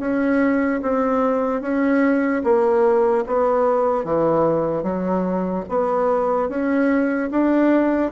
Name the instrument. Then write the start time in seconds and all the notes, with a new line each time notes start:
bassoon
0.00 C#4
0.82 C4
1.61 C#4
2.44 A#3
3.27 B3
4.04 E3
4.83 F#3
5.69 B3
6.49 C#4
7.31 D4